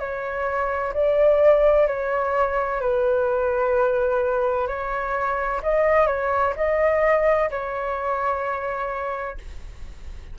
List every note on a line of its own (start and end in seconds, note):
0.00 0.94 C#5
0.94 1.87 D5
1.87 2.81 C#5
2.81 4.68 B4
4.68 5.62 C#5
5.63 6.07 D#5
6.07 6.54 C#5
6.57 7.50 D#5
7.51 9.38 C#5